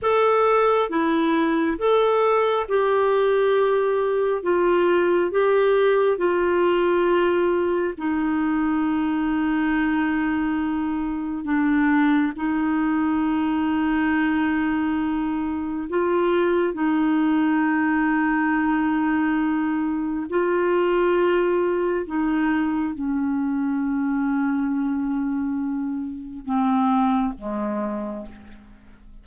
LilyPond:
\new Staff \with { instrumentName = "clarinet" } { \time 4/4 \tempo 4 = 68 a'4 e'4 a'4 g'4~ | g'4 f'4 g'4 f'4~ | f'4 dis'2.~ | dis'4 d'4 dis'2~ |
dis'2 f'4 dis'4~ | dis'2. f'4~ | f'4 dis'4 cis'2~ | cis'2 c'4 gis4 | }